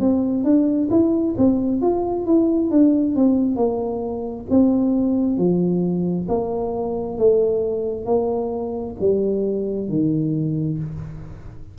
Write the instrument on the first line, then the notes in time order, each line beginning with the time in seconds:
tuba
0.00 C4
0.44 D4
0.90 E4
1.38 C4
1.82 F4
2.26 E4
2.71 D4
3.15 C4
3.56 A#3
4.50 C4
5.38 F3
6.28 A#3
7.18 A3
8.06 A#3
9.00 G3
9.89 D#3